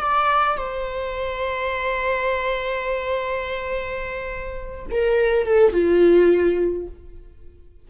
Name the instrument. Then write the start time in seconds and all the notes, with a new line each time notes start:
viola
0.00 D5
0.57 C5
4.91 A#4
5.46 A4
5.72 F4